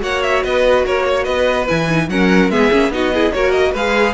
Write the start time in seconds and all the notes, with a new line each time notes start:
0.00 A#3 F#4 C#5 F#5
0.23 E5
0.44 B3 B4 D#5
0.85 A#3 A#4 C#5
1.08 C#5
1.24 B3 B4 D#5
1.67 E3 E4 G#5
1.88 D#4
2.09 F#3 C#4 A#4 F#5
2.50 G#3 B3 G#4 E5
2.71 A#3 C#4
2.89 B3 D#4 F#4 D#5
3.14 E4 G#4
3.33 A#3 F#4 A#4 C#5
3.52 D#5
3.72 G#3 G#4 B4 F5